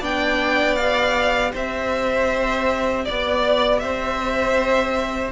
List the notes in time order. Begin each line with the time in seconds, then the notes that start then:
0.00 B3 D4 D5 G5
0.75 G4 F5
1.53 C4 C5 E5
3.05 B3 D5
3.79 C4 C5 E5